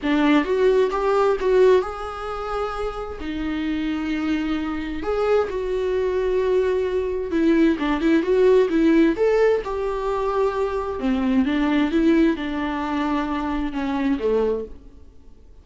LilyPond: \new Staff \with { instrumentName = "viola" } { \time 4/4 \tempo 4 = 131 d'4 fis'4 g'4 fis'4 | gis'2. dis'4~ | dis'2. gis'4 | fis'1 |
e'4 d'8 e'8 fis'4 e'4 | a'4 g'2. | c'4 d'4 e'4 d'4~ | d'2 cis'4 a4 | }